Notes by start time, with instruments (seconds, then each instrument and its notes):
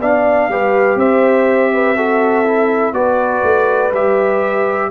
0.00 tuba B3, trombone D4, horn D5, trumpet F5
0.49 tuba G3, trombone G4, horn B4
0.96 tuba C4, horn C5, trumpet E5
1.74 horn B4
1.97 trombone F#4, horn A4
2.45 trombone E4
2.93 tuba B3, trombone F#4, horn B4, trumpet D5
3.43 tuba A3
3.92 tuba G3, trombone G4, trumpet E5